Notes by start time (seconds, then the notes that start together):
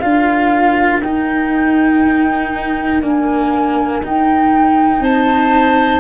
0.00 D4 F4 A#4 F5
1.01 D#4 G5
3.01 A#3 D4 G#5
4.03 D#4 G5
5.00 C4 C5 A5